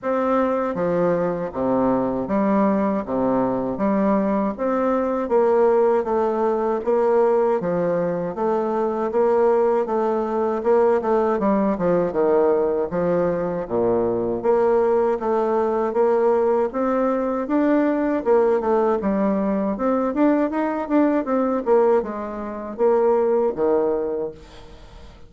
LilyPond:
\new Staff \with { instrumentName = "bassoon" } { \time 4/4 \tempo 4 = 79 c'4 f4 c4 g4 | c4 g4 c'4 ais4 | a4 ais4 f4 a4 | ais4 a4 ais8 a8 g8 f8 |
dis4 f4 ais,4 ais4 | a4 ais4 c'4 d'4 | ais8 a8 g4 c'8 d'8 dis'8 d'8 | c'8 ais8 gis4 ais4 dis4 | }